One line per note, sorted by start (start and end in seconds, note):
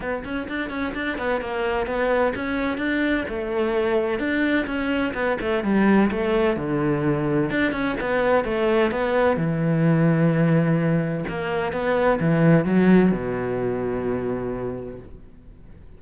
0.00 0.23 B3
0.24 0.48 C#4
0.48 0.70 D4
0.70 0.93 C#4
0.94 1.17 D4
1.17 1.41 B3
1.41 1.86 A#3
1.86 2.33 B3
2.35 2.77 C#4
2.77 3.24 D4
3.28 4.19 A3
4.19 4.66 D4
4.66 5.13 C#4
5.13 5.37 B3
5.40 5.63 A3
5.63 6.10 G3
6.11 6.56 A3
6.56 7.50 D3
7.50 7.72 D4
7.72 7.95 C#4
8.00 8.44 B3
8.44 8.91 A3
8.91 9.36 B3
9.36 11.24 E3
11.28 11.72 A#3
11.72 12.19 B3
12.20 12.65 E3
12.65 13.11 F#3
13.11 14.99 B2